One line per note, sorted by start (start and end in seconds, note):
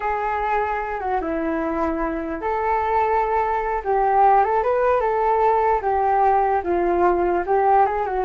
0.00 1.00 G#4
1.00 1.20 F#4
1.21 2.41 E4
2.41 3.82 A4
3.84 4.44 G4
4.44 4.63 A4
4.63 5.00 B4
5.00 5.81 A4
5.81 6.61 G4
6.63 7.43 F4
7.46 7.86 G4
7.86 8.06 G#4
8.06 8.24 F#4